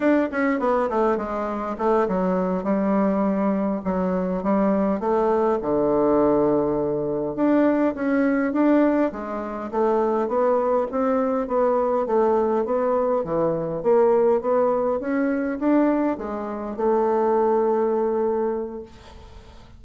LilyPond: \new Staff \with { instrumentName = "bassoon" } { \time 4/4 \tempo 4 = 102 d'8 cis'8 b8 a8 gis4 a8 fis8~ | fis8 g2 fis4 g8~ | g8 a4 d2~ d8~ | d8 d'4 cis'4 d'4 gis8~ |
gis8 a4 b4 c'4 b8~ | b8 a4 b4 e4 ais8~ | ais8 b4 cis'4 d'4 gis8~ | gis8 a2.~ a8 | }